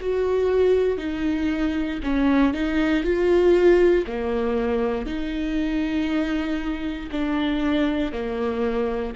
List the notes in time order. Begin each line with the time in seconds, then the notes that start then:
0.00 F#4
0.98 D#4
2.03 C#4
2.53 D#4
3.04 F4
4.07 A#3
5.06 D#4
7.11 D4
8.12 A#3